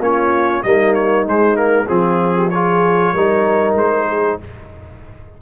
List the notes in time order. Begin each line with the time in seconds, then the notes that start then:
0.00 A#3 C#4 F4 C#5
0.63 G3 A#3 D#4 D#5
0.95 C#5
1.27 G#3 C5
1.55 A#3 A#4
1.88 F3 C4 F4 G#4
2.36 G4
2.50 F4 G#4 C#5
3.14 G3 D#4 A#4
3.75 G#3 C5
4.08 G#4